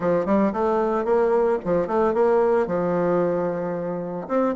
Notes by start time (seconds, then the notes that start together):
0.00 F3
0.25 G3
0.53 A3
1.04 A#3
1.64 F3
1.87 A3
2.14 A#3
2.66 F3
4.28 C4